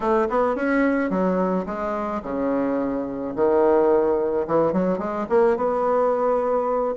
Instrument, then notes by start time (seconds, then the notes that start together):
bassoon
0.00 A3
0.29 B3
0.55 C#4
1.10 F#3
1.66 G#3
2.22 C#3
3.35 D#3
4.47 E3
4.72 F#3
4.98 G#3
5.29 A#3
5.56 B3